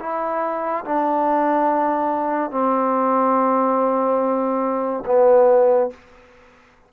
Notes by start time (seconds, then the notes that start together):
0.00 E4
0.85 D4
2.51 C4
5.06 B3